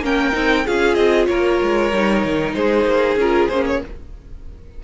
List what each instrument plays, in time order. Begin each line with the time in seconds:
0.00 cello A#3, viola C#4, violin A#4 G5
0.32 cello C4, viola D#4
0.65 cello C#4, viola F4, violin G#4 F5
0.94 cello C4, violin D#5
1.27 cello A#3, violin A#4 C#5
1.62 cello G#3
1.92 cello G3, viola D#4
2.24 cello D#3
2.54 cello G#3, violin G#4 C5
2.84 cello A#3
3.16 cello C#4, viola F4, violin A#4
3.49 cello A#3, viola C#4, violin C5
3.66 violin C#5